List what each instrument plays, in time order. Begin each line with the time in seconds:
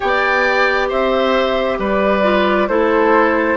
0.00 bassoon B3, clarinet G4, oboe D5, flute G5
0.88 bassoon C4, oboe C5, flute E5
1.79 bassoon G3, oboe B4, flute D5
2.23 clarinet F4
2.68 bassoon A3, clarinet E4, oboe A4, flute C5